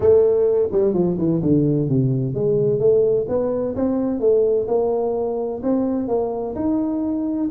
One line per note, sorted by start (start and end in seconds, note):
0.00 0.69 A3
0.72 0.93 G3
0.93 1.17 F3
1.18 1.41 E3
1.42 1.88 D3
1.88 2.34 C3
2.34 2.79 G#3
2.79 3.26 A3
3.28 3.75 B3
3.75 4.20 C4
4.20 4.67 A3
4.67 5.61 A#3
5.62 6.08 C4
6.08 6.55 A#3
6.55 7.49 D#4